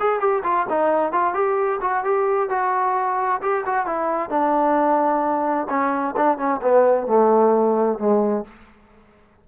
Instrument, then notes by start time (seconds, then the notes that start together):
trombone
0.00 G#4
0.20 G4
0.44 F4
0.70 D#4
1.13 F4
1.34 G4
1.82 F#4
2.04 G4
2.50 F#4
3.42 G4
3.66 F#4
3.86 E4
4.30 D4
5.70 C#4
6.17 D4
6.38 C#4
6.62 B3
7.07 A3
7.99 G#3